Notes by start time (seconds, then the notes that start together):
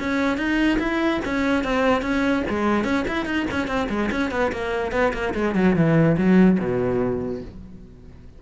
0.00 C#4
0.38 D#4
0.80 E4
1.25 C#4
1.64 C4
2.02 C#4
2.50 G#3
2.85 C#4
3.08 E4
3.26 D#4
3.52 C#4
3.68 C4
3.90 G#3
4.12 C#4
4.32 B3
4.53 A#3
4.92 B3
5.14 A#3
5.35 G#3
5.56 F#3
5.76 E3
6.18 F#3
6.60 B2